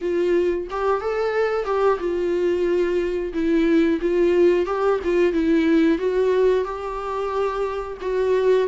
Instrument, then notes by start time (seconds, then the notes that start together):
viola
0.01 F4
0.70 G4
1.01 A4
1.65 G4
1.99 F4
3.33 E4
4.01 F4
4.66 G4
5.04 F4
5.32 E4
5.98 F#4
6.64 G4
8.01 F#4